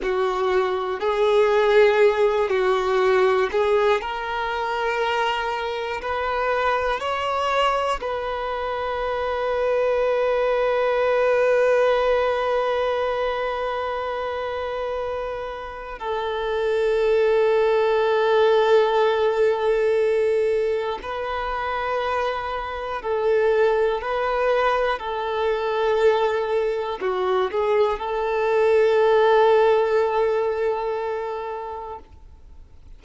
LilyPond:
\new Staff \with { instrumentName = "violin" } { \time 4/4 \tempo 4 = 60 fis'4 gis'4. fis'4 gis'8 | ais'2 b'4 cis''4 | b'1~ | b'1 |
a'1~ | a'4 b'2 a'4 | b'4 a'2 fis'8 gis'8 | a'1 | }